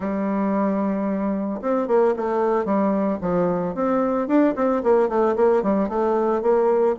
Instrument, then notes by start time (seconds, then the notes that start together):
bassoon
0.00 G3
1.61 C4
1.87 A#3
2.16 A3
2.65 G3
3.21 F3
3.75 C4
4.27 D4
4.55 C4
4.83 A#3
5.08 A3
5.35 A#3
5.62 G3
5.89 A3
6.42 A#3